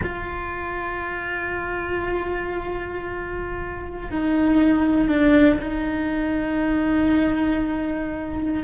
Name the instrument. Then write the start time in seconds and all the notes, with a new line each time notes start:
cello
0.03 F4
4.10 D#4
5.08 D4
5.60 D#4